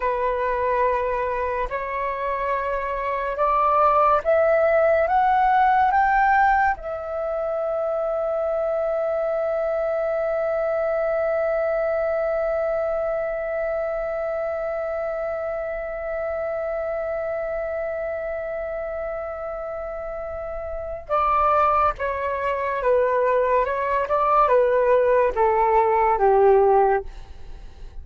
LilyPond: \new Staff \with { instrumentName = "flute" } { \time 4/4 \tempo 4 = 71 b'2 cis''2 | d''4 e''4 fis''4 g''4 | e''1~ | e''1~ |
e''1~ | e''1~ | e''4 d''4 cis''4 b'4 | cis''8 d''8 b'4 a'4 g'4 | }